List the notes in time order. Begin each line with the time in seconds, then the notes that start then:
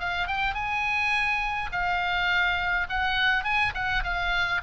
0.00 F5
0.28 G5
0.55 G#5
1.72 F5
2.89 F#5
3.44 G#5
3.75 F#5
4.04 F5